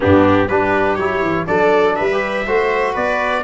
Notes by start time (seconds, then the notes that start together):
0.00 G2 B3 D4 G4
0.48 G3 D4 G4 B4
0.95 F#3 E4 C#5
1.22 E3
1.46 F#3 D4 A4 D5
1.95 G3 B4 E5
2.12 G4
2.46 A3 F#4 C5
2.93 B3 B4 D5